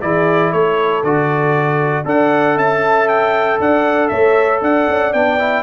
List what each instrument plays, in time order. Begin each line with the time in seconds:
0.00 tuba E3, trombone E4, horn G#4, trumpet D5
0.51 tuba A3, horn A4, trumpet C#5
1.03 tuba D3, trombone F#4, trumpet D5
2.05 tuba D4, trombone A4, horn D5, trumpet F#5
2.56 tuba C#4, horn E5, trumpet A5
3.08 trumpet G5
3.59 tuba D4, horn D5, trumpet F#5
4.08 tuba A3, horn C#5, trumpet E5
4.61 tuba D4, horn D5, trumpet F#5
4.87 tuba C#4
5.13 tuba B3, trombone D4, trumpet G5
5.39 trombone E4